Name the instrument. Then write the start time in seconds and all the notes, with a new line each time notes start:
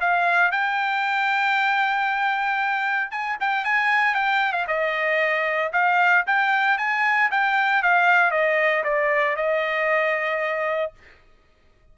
trumpet
0.00 F5
0.51 G5
3.11 G#5
3.40 G5
3.64 G#5
4.14 G5
4.52 F5
4.67 D#5
5.72 F5
6.27 G5
6.78 G#5
7.31 G5
7.82 F5
8.31 D#5
8.84 D5
9.36 D#5